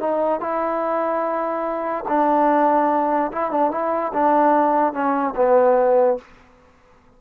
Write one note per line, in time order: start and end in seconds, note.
0.00 0.40 D#4
0.40 2.05 E4
2.08 3.32 D4
3.32 3.51 E4
3.51 3.71 D4
3.71 4.12 E4
4.14 4.93 D4
4.93 5.34 C#4
5.36 6.18 B3